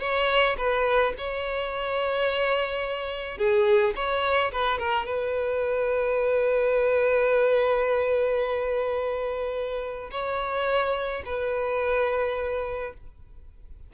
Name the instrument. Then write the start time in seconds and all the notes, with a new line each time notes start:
violin
0.00 C#5
0.57 B4
1.18 C#5
3.38 G#4
3.95 C#5
4.52 B4
4.79 A#4
5.06 B4
10.11 C#5
11.25 B4